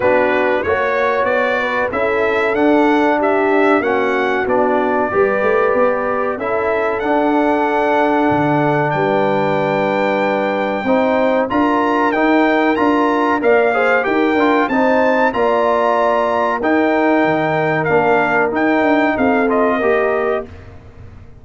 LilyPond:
<<
  \new Staff \with { instrumentName = "trumpet" } { \time 4/4 \tempo 4 = 94 b'4 cis''4 d''4 e''4 | fis''4 e''4 fis''4 d''4~ | d''2 e''4 fis''4~ | fis''2 g''2~ |
g''2 ais''4 g''4 | ais''4 f''4 g''4 a''4 | ais''2 g''2 | f''4 g''4 f''8 dis''4. | }
  \new Staff \with { instrumentName = "horn" } { \time 4/4 fis'4 cis''4. b'8 a'4~ | a'4 g'4 fis'2 | b'2 a'2~ | a'2 b'2~ |
b'4 c''4 ais'2~ | ais'4 d''8 c''8 ais'4 c''4 | d''2 ais'2~ | ais'2 a'4 ais'4 | }
  \new Staff \with { instrumentName = "trombone" } { \time 4/4 d'4 fis'2 e'4 | d'2 cis'4 d'4 | g'2 e'4 d'4~ | d'1~ |
d'4 dis'4 f'4 dis'4 | f'4 ais'8 gis'8 g'8 f'8 dis'4 | f'2 dis'2 | d'4 dis'4. f'8 g'4 | }
  \new Staff \with { instrumentName = "tuba" } { \time 4/4 b4 ais4 b4 cis'4 | d'2 ais4 b4 | g8 a8 b4 cis'4 d'4~ | d'4 d4 g2~ |
g4 c'4 d'4 dis'4 | d'4 ais4 dis'8 d'8 c'4 | ais2 dis'4 dis4 | ais4 dis'8 d'8 c'4 ais4 | }
>>